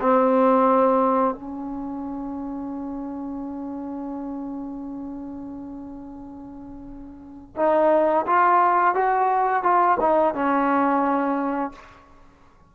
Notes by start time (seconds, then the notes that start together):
0.00 C4
1.34 C#4
7.56 D#4
8.26 F4
8.94 F#4
9.63 F4
9.99 D#4
10.34 C#4